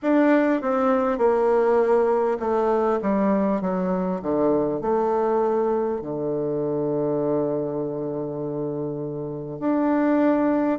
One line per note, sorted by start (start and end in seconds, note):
0.02 0.61 D4
0.61 1.18 C4
1.18 2.38 A#3
2.39 2.99 A3
3.02 3.61 G3
3.61 4.21 F#3
4.22 4.81 D3
4.81 6.01 A3
6.01 9.59 D3
9.59 10.79 D4